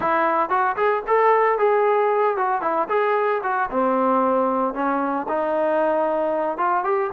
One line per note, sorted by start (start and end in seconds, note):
0.00 0.49 E4
0.49 0.76 F#4
0.76 1.02 G#4
1.07 1.58 A4
1.58 2.36 G#4
2.36 2.61 F#4
2.61 2.88 E4
2.88 3.41 G#4
3.43 3.69 F#4
3.70 4.73 C4
4.73 5.26 C#4
5.28 6.57 D#4
6.57 6.83 F4
6.84 7.10 G4